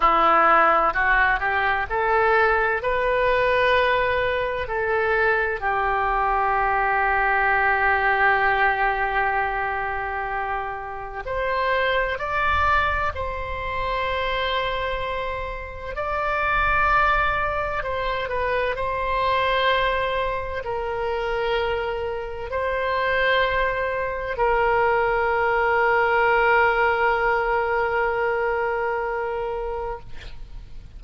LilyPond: \new Staff \with { instrumentName = "oboe" } { \time 4/4 \tempo 4 = 64 e'4 fis'8 g'8 a'4 b'4~ | b'4 a'4 g'2~ | g'1 | c''4 d''4 c''2~ |
c''4 d''2 c''8 b'8 | c''2 ais'2 | c''2 ais'2~ | ais'1 | }